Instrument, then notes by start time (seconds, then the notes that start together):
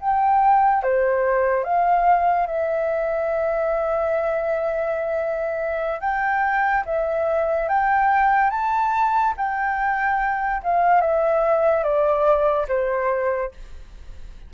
flute
0.00 G5
0.83 C5
1.64 F5
2.46 E5
6.00 G5
6.85 E5
7.69 G5
8.50 A5
9.37 G5
10.62 F5
11.01 E5
11.83 D5
12.68 C5